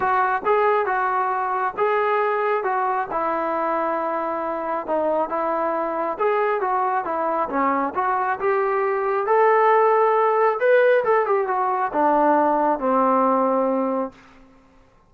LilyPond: \new Staff \with { instrumentName = "trombone" } { \time 4/4 \tempo 4 = 136 fis'4 gis'4 fis'2 | gis'2 fis'4 e'4~ | e'2. dis'4 | e'2 gis'4 fis'4 |
e'4 cis'4 fis'4 g'4~ | g'4 a'2. | b'4 a'8 g'8 fis'4 d'4~ | d'4 c'2. | }